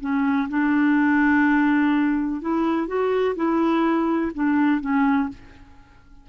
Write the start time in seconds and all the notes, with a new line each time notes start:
0.00 C#4
0.49 D4
2.41 E4
2.87 F#4
3.35 E4
4.34 D4
4.80 C#4